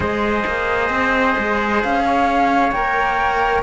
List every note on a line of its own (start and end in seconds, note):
0.00 0.44 G#3
0.00 2.72 G#4
0.00 2.04 C5
0.00 1.82 D#5
0.46 0.89 A#3
0.89 1.35 C4
1.38 1.84 G#3
1.83 2.71 C#4
1.83 2.71 F5
2.05 3.62 C#5
2.71 3.62 A#3
2.71 3.62 A#4
2.71 3.62 G5